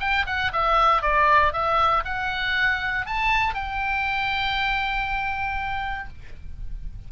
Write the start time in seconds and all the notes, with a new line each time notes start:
0.00 G5
0.26 F#5
0.53 E5
1.02 D5
1.53 E5
2.05 F#5
3.06 A5
3.54 G5